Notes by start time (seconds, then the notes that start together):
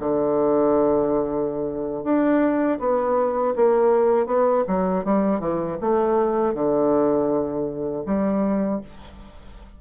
0.00 D3
2.04 D4
2.80 B3
3.56 A#3
4.27 B3
4.68 F#3
5.05 G3
5.40 E3
5.82 A3
6.55 D3
8.07 G3